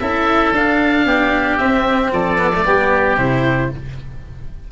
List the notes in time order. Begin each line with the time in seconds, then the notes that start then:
0.00 C#4 E4 A4 E5
0.53 D4 F5
1.06 B3 G4
1.57 C4 E5
2.12 F3 A4 D5
2.38 B3
2.55 A3
2.65 G3 B3 G4
3.17 C3 E4 C5